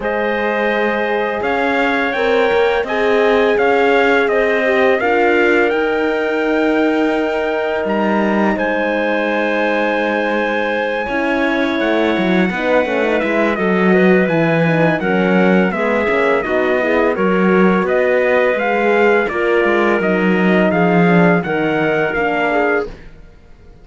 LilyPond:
<<
  \new Staff \with { instrumentName = "trumpet" } { \time 4/4 \tempo 4 = 84 dis''2 f''4 g''4 | gis''4 f''4 dis''4 f''4 | g''2. ais''4 | gis''1~ |
gis''8 fis''2 e''8 dis''4 | gis''4 fis''4 e''4 dis''4 | cis''4 dis''4 f''4 d''4 | dis''4 f''4 fis''4 f''4 | }
  \new Staff \with { instrumentName = "clarinet" } { \time 4/4 c''2 cis''2 | dis''4 cis''4 c''4 ais'4~ | ais'1 | c''2.~ c''8 cis''8~ |
cis''4. b'4. a'8 b'8~ | b'4 ais'4 gis'4 fis'8 gis'8 | ais'4 b'2 ais'4~ | ais'4 gis'4 ais'4. gis'8 | }
  \new Staff \with { instrumentName = "horn" } { \time 4/4 gis'2. ais'4 | gis'2~ gis'8 g'8 f'4 | dis'1~ | dis'2.~ dis'8 e'8~ |
e'4. dis'8 cis'16 dis'16 e'8 fis'4 | e'8 dis'8 cis'4 b8 cis'8 dis'8 e'8 | fis'2 gis'4 f'4 | dis'4. d'8 dis'4 d'4 | }
  \new Staff \with { instrumentName = "cello" } { \time 4/4 gis2 cis'4 c'8 ais8 | c'4 cis'4 c'4 d'4 | dis'2. g4 | gis2.~ gis8 cis'8~ |
cis'8 a8 fis8 b8 a8 gis8 fis4 | e4 fis4 gis8 ais8 b4 | fis4 b4 gis4 ais8 gis8 | fis4 f4 dis4 ais4 | }
>>